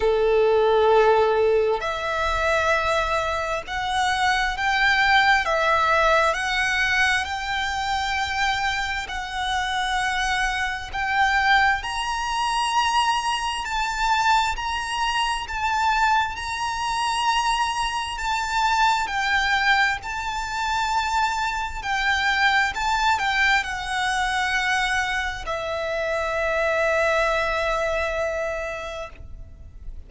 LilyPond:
\new Staff \with { instrumentName = "violin" } { \time 4/4 \tempo 4 = 66 a'2 e''2 | fis''4 g''4 e''4 fis''4 | g''2 fis''2 | g''4 ais''2 a''4 |
ais''4 a''4 ais''2 | a''4 g''4 a''2 | g''4 a''8 g''8 fis''2 | e''1 | }